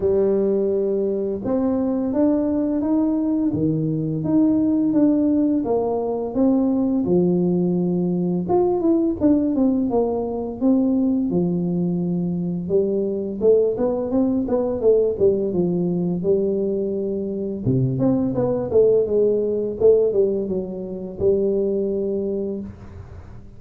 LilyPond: \new Staff \with { instrumentName = "tuba" } { \time 4/4 \tempo 4 = 85 g2 c'4 d'4 | dis'4 dis4 dis'4 d'4 | ais4 c'4 f2 | f'8 e'8 d'8 c'8 ais4 c'4 |
f2 g4 a8 b8 | c'8 b8 a8 g8 f4 g4~ | g4 c8 c'8 b8 a8 gis4 | a8 g8 fis4 g2 | }